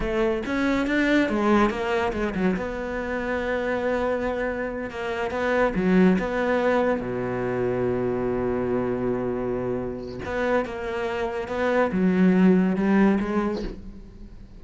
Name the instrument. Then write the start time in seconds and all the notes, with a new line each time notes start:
cello
0.00 A3
0.46 C#4
0.86 D4
1.29 G#3
1.69 A#3
2.13 G#3
2.34 F#3
2.56 B3
4.90 A#3
5.30 B3
5.75 F#3
6.18 B3
7.00 B2
10.25 B3
10.65 A#3
11.48 B3
11.92 F#3
12.76 G3
13.20 G#3